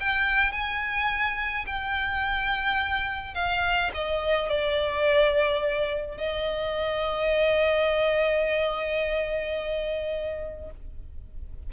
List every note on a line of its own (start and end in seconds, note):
0.00 0.52 G5
0.52 1.65 G#5
1.66 3.34 G5
3.34 3.91 F5
3.94 4.49 D#5
4.49 6.17 D5
6.17 10.70 D#5